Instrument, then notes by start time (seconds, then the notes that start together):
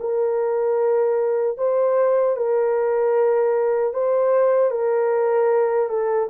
horn
0.00 A#4
1.58 C5
2.36 A#4
3.93 C5
4.71 A#4
5.89 A4